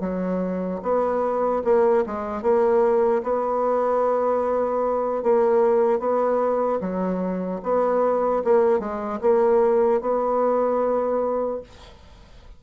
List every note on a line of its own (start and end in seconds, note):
0.00 0.80 F#3
0.82 1.62 B3
1.64 2.04 A#3
2.06 2.42 G#3
2.42 3.22 A#3
3.23 5.23 B3
5.23 5.99 A#3
5.99 6.79 B3
6.80 7.60 F#3
7.63 8.43 B3
8.44 8.79 A#3
8.79 9.19 G#3
9.21 10.01 A#3
10.01 11.61 B3